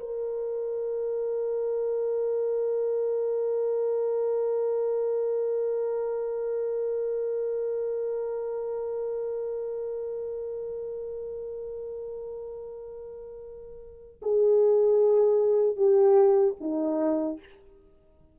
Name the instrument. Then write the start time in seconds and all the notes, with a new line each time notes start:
horn
0.00 A#4
14.22 G#4
15.77 G4
16.60 D#4